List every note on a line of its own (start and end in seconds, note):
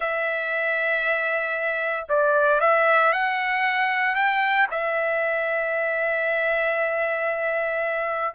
0.00 2.06 E5
2.08 2.60 D5
2.60 3.12 E5
3.13 4.15 F#5
4.15 4.67 G5
4.70 8.34 E5